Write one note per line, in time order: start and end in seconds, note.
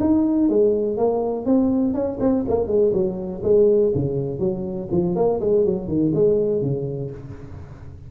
0.00 0.49 D#4
0.49 0.97 G#3
0.97 1.46 A#3
1.46 1.94 C4
1.94 2.18 C#4
2.20 2.45 C4
2.48 2.67 A#3
2.67 2.92 G#3
2.93 3.42 F#3
3.43 3.93 G#3
3.95 4.39 C#3
4.39 4.88 F#3
4.91 5.15 F3
5.15 5.40 A#3
5.41 5.65 G#3
5.65 5.88 F#3
5.88 6.13 D#3
6.14 6.62 G#3
6.62 7.11 C#3